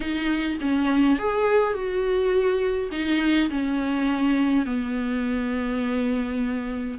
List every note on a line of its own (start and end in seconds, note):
0.00 0.57 D#4
0.61 1.19 C#4
1.19 1.73 G#4
1.73 2.90 F#4
2.91 3.49 D#4
3.50 4.65 C#4
4.65 6.98 B3